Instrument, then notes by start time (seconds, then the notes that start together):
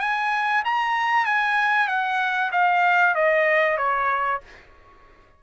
trumpet
0.00 G#5
0.65 A#5
1.25 G#5
1.88 F#5
2.52 F5
3.15 D#5
3.77 C#5